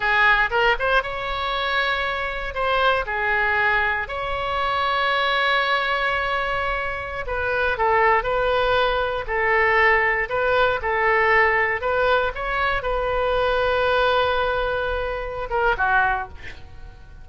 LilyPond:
\new Staff \with { instrumentName = "oboe" } { \time 4/4 \tempo 4 = 118 gis'4 ais'8 c''8 cis''2~ | cis''4 c''4 gis'2 | cis''1~ | cis''2~ cis''16 b'4 a'8.~ |
a'16 b'2 a'4.~ a'16~ | a'16 b'4 a'2 b'8.~ | b'16 cis''4 b'2~ b'8.~ | b'2~ b'8 ais'8 fis'4 | }